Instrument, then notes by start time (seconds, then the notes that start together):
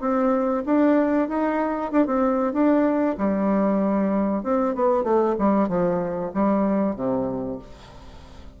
bassoon
0.00 C4
0.65 D4
1.28 D#4
1.91 D4
2.06 C4
2.53 D4
3.18 G3
4.43 C4
4.74 B3
5.03 A3
5.38 G3
5.68 F3
6.34 G3
6.95 C3